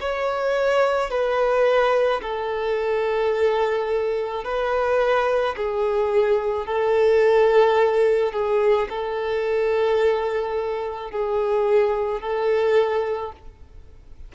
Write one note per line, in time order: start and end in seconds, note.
0.00 1.10 C#5
1.10 2.21 B4
2.22 4.44 A4
4.44 5.55 B4
5.57 6.66 G#4
6.66 8.33 A4
8.33 8.88 G#4
8.89 11.11 A4
11.11 12.21 G#4
12.21 13.32 A4